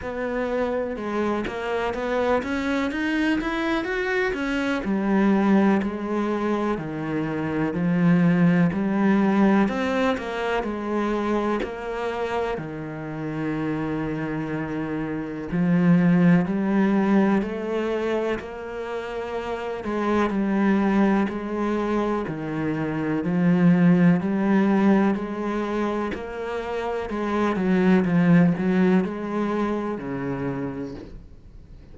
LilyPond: \new Staff \with { instrumentName = "cello" } { \time 4/4 \tempo 4 = 62 b4 gis8 ais8 b8 cis'8 dis'8 e'8 | fis'8 cis'8 g4 gis4 dis4 | f4 g4 c'8 ais8 gis4 | ais4 dis2. |
f4 g4 a4 ais4~ | ais8 gis8 g4 gis4 dis4 | f4 g4 gis4 ais4 | gis8 fis8 f8 fis8 gis4 cis4 | }